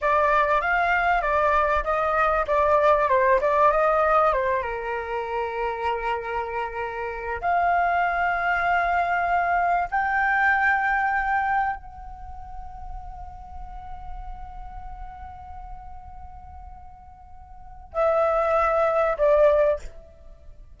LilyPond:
\new Staff \with { instrumentName = "flute" } { \time 4/4 \tempo 4 = 97 d''4 f''4 d''4 dis''4 | d''4 c''8 d''8 dis''4 c''8 ais'8~ | ais'1 | f''1 |
g''2. fis''4~ | fis''1~ | fis''1~ | fis''4 e''2 d''4 | }